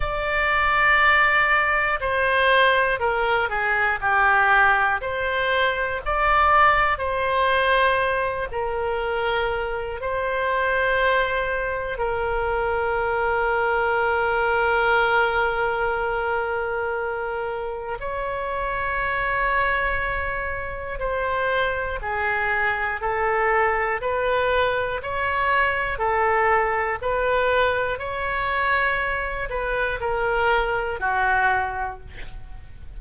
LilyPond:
\new Staff \with { instrumentName = "oboe" } { \time 4/4 \tempo 4 = 60 d''2 c''4 ais'8 gis'8 | g'4 c''4 d''4 c''4~ | c''8 ais'4. c''2 | ais'1~ |
ais'2 cis''2~ | cis''4 c''4 gis'4 a'4 | b'4 cis''4 a'4 b'4 | cis''4. b'8 ais'4 fis'4 | }